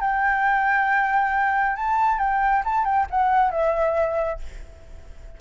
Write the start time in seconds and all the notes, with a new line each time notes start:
0.00 G5
1.76 A5
2.19 G5
2.65 A5
2.84 G5
3.10 F#5
3.51 E5